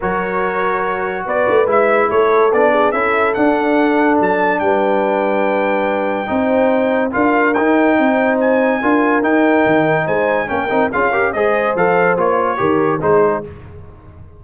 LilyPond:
<<
  \new Staff \with { instrumentName = "trumpet" } { \time 4/4 \tempo 4 = 143 cis''2. d''4 | e''4 cis''4 d''4 e''4 | fis''2 a''4 g''4~ | g''1~ |
g''4 f''4 g''2 | gis''2 g''2 | gis''4 g''4 f''4 dis''4 | f''4 cis''2 c''4 | }
  \new Staff \with { instrumentName = "horn" } { \time 4/4 ais'2. b'4~ | b'4 a'4. gis'8 a'4~ | a'2. b'4~ | b'2. c''4~ |
c''4 ais'2 c''4~ | c''4 ais'2. | c''4 ais'4 gis'8 ais'8 c''4~ | c''2 ais'4 gis'4 | }
  \new Staff \with { instrumentName = "trombone" } { \time 4/4 fis'1 | e'2 d'4 e'4 | d'1~ | d'2. dis'4~ |
dis'4 f'4 dis'2~ | dis'4 f'4 dis'2~ | dis'4 cis'8 dis'8 f'8 g'8 gis'4 | a'4 f'4 g'4 dis'4 | }
  \new Staff \with { instrumentName = "tuba" } { \time 4/4 fis2. b8 a8 | gis4 a4 b4 cis'4 | d'2 fis4 g4~ | g2. c'4~ |
c'4 d'4 dis'4 c'4~ | c'4 d'4 dis'4 dis4 | gis4 ais8 c'8 cis'4 gis4 | f4 ais4 dis4 gis4 | }
>>